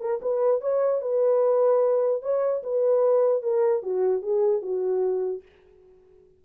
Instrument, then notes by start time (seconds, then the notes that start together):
horn
0.00 A#4
0.22 B4
0.61 C#5
1.01 B4
2.22 C#5
2.63 B4
3.42 A#4
3.82 F#4
4.22 G#4
4.62 F#4